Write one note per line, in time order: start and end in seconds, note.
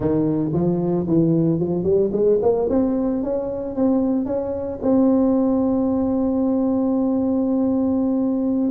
0.00 0.52 D#3
0.53 1.06 F3
1.07 1.59 E3
1.59 1.83 F3
1.83 2.10 G3
2.12 2.39 G#3
2.42 2.68 A#3
2.69 3.23 C4
3.23 3.75 C#4
3.75 4.25 C4
4.25 4.79 C#4
4.82 8.70 C4